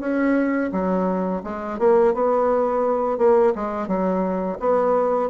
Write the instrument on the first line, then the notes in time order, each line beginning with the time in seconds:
bassoon
0.00 C#4
0.72 F#3
1.44 G#3
1.79 A#3
2.14 B3
3.18 A#3
3.56 G#3
3.88 F#3
4.60 B3